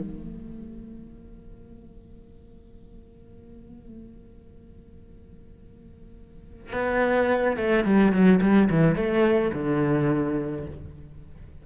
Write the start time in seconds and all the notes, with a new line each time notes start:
0.00 A#3
6.73 B3
7.57 A3
7.85 G3
8.12 F#3
8.41 G3
8.70 E3
8.96 A3
9.54 D3